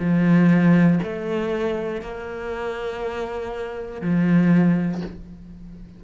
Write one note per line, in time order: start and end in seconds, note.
0.00 1.00 F3
1.03 2.02 A3
2.02 4.02 A#3
4.02 5.02 F3